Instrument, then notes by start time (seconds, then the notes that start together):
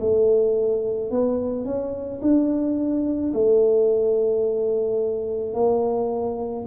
tuba
0.00 A3
1.11 B3
1.65 C#4
2.22 D4
3.33 A3
5.54 A#3